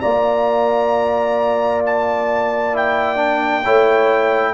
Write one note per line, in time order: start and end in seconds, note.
0.00 3.65 A#3
0.00 2.73 F4
0.00 3.64 D5
0.00 1.82 A#5
1.85 2.76 A5
2.73 3.16 E4
2.73 4.54 G5
3.16 3.61 D4
3.64 4.54 A3
3.64 4.54 E4
3.64 4.54 C#5